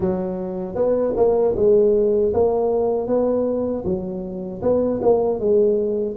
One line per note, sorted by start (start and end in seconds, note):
0.00 0.75 F#3
0.75 1.14 B3
1.16 1.54 A#3
1.56 2.33 G#3
2.33 3.07 A#3
3.07 3.84 B3
3.85 4.62 F#3
4.62 5.00 B3
5.02 5.39 A#3
5.39 6.16 G#3